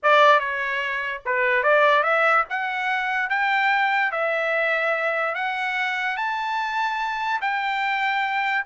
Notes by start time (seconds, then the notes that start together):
0.02 D5
0.39 C#5
1.25 B4
1.63 D5
2.03 E5
2.49 F#5
3.29 G5
4.11 E5
5.34 F#5
6.16 A5
7.41 G5